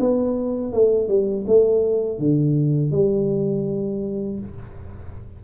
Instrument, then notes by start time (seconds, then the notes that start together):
tuba
0.00 B3
0.73 A3
1.08 G3
1.47 A3
2.19 D3
2.92 G3